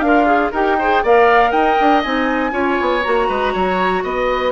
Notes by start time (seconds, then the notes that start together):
0.00 D4 A#4 F5
0.06 F4
0.26 G#4
0.51 D#4 G4 A#4 G5
0.79 G#4 C5
1.03 A#3 A#4 D5 F5
1.51 D#4 D#5 G5
1.80 D4
2.03 C4 D#4 G#5
2.51 C#4 F4 C#5
2.80 B3
3.03 A#3 F#4 A#5
3.28 G#3 B4
3.53 F#3 C#5
4.03 B3 B4 D#5